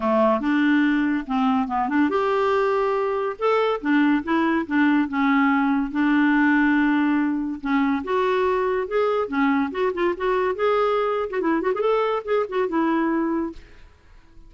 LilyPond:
\new Staff \with { instrumentName = "clarinet" } { \time 4/4 \tempo 4 = 142 a4 d'2 c'4 | b8 d'8 g'2. | a'4 d'4 e'4 d'4 | cis'2 d'2~ |
d'2 cis'4 fis'4~ | fis'4 gis'4 cis'4 fis'8 f'8 | fis'4 gis'4.~ gis'16 fis'16 e'8 fis'16 gis'16 | a'4 gis'8 fis'8 e'2 | }